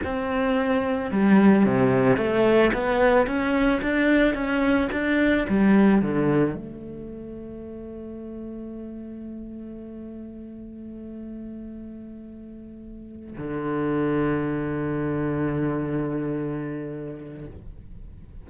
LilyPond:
\new Staff \with { instrumentName = "cello" } { \time 4/4 \tempo 4 = 110 c'2 g4 c4 | a4 b4 cis'4 d'4 | cis'4 d'4 g4 d4 | a1~ |
a1~ | a1~ | a8 d2.~ d8~ | d1 | }